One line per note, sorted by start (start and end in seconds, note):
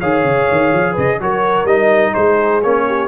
0.00 0.24 D#3
0.00 1.20 G#4
0.00 0.93 C#5
0.00 0.96 F5
0.24 0.47 C#3
0.51 0.73 D#3
0.73 0.97 F3
0.93 1.21 C#3
0.93 1.16 B4
0.93 1.21 D#5
1.20 1.65 F#3
1.20 1.68 F#4
1.20 2.13 A#4
1.20 1.66 C#5
1.65 2.12 G3
1.65 2.63 D#4
1.65 2.14 D#5
2.13 2.64 G#3
2.13 2.84 G#4
2.13 2.62 C5
2.62 3.07 A#3
2.62 3.07 C#4
2.62 3.07 C#5
2.87 3.07 G4